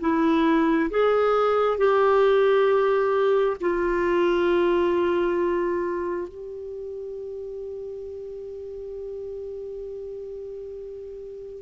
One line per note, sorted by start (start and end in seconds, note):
0.00 0.90 E4
0.90 1.78 G#4
1.78 3.57 G4
3.61 6.28 F4
6.28 11.62 G4